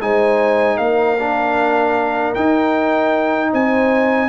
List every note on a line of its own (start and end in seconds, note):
0.00 0.78 G#3
0.00 1.18 D#4
0.00 0.77 C5
0.00 0.77 G#5
0.77 2.34 A#3
0.77 3.50 A#4
0.77 2.32 F5
1.19 2.35 D4
2.34 3.52 D#4
2.34 4.28 D#4
2.34 3.51 G5
3.52 4.28 C4
3.52 4.28 C5
3.52 4.28 G#5